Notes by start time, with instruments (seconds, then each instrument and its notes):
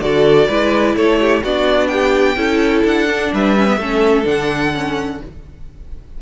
0.00 cello D3, viola F#4, violin A4 D5
0.48 cello G#3, viola E4, violin B4
0.95 cello A3, violin A4 C#5
1.20 violin G4
1.43 cello B3, viola D4, violin F#4 D5
1.87 violin G4 G5
2.36 cello C#4, viola E4, violin A4
2.84 cello D4, violin F#5
3.10 viola D4
3.33 cello G3, violin B4 E5
3.57 viola C#4
3.67 viola B3
3.77 cello A3, viola C#4, violin A4
4.24 cello D3, viola D4, violin F#5
4.74 viola C#4